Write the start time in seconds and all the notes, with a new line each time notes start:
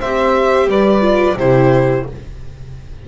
0.00 C4 G4 C5 E5
0.67 G3 B4 D5
1.02 F4
1.37 C3 E4 G4 C5